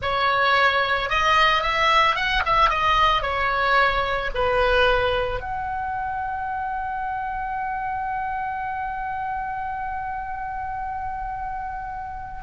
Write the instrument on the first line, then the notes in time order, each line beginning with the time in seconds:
oboe
0.01 C#5
1.09 D#5
1.62 E5
2.15 F#5
2.45 E5
2.69 D#5
3.22 C#5
4.34 B4
5.40 F#5